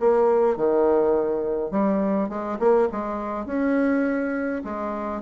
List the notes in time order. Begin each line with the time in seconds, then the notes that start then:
0.00 A#3
0.57 D#3
1.71 G3
2.29 G#3
2.59 A#3
2.92 G#3
3.46 C#4
4.64 G#3